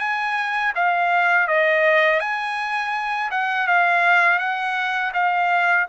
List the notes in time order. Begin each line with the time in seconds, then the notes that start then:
0.00 G#5
0.75 F5
1.48 D#5
2.21 G#5
3.31 F#5
3.68 F5
4.39 F#5
5.14 F5